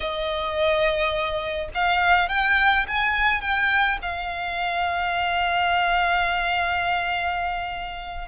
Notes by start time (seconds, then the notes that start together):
0.00 D#5
1.74 F5
2.28 G5
2.87 G#5
3.41 G5
4.02 F5